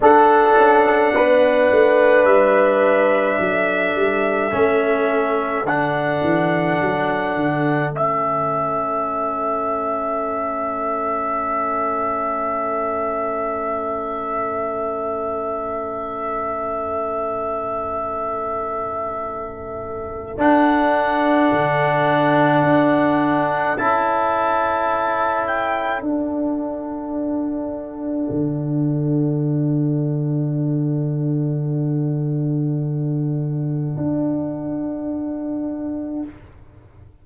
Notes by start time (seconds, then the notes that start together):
0.00 D4 A4 F#5
0.55 C#4
1.13 B3 B4
1.71 A3
2.24 G3 E5
3.39 F#3 A4
3.95 G3
4.50 A3 C#4
5.64 D3 D4 F#5
6.23 E3
6.80 F#3
7.35 D3
7.91 A3 C#4 E5
20.37 D4 F#5
21.52 D3
22.63 D4
23.77 C#4 E4 A5
25.46 G5
26.01 D4 F#5
28.29 D3
33.96 D4